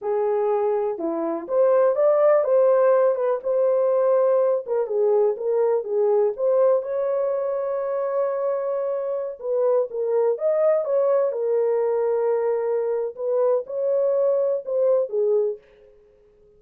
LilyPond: \new Staff \with { instrumentName = "horn" } { \time 4/4 \tempo 4 = 123 gis'2 e'4 c''4 | d''4 c''4. b'8 c''4~ | c''4. ais'8 gis'4 ais'4 | gis'4 c''4 cis''2~ |
cis''2.~ cis''16 b'8.~ | b'16 ais'4 dis''4 cis''4 ais'8.~ | ais'2. b'4 | cis''2 c''4 gis'4 | }